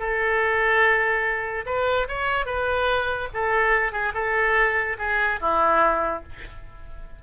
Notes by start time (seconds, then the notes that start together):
0.00 A4
1.66 B4
2.09 C#5
2.46 B4
3.34 A4
3.93 G#4
4.15 A4
4.99 G#4
5.41 E4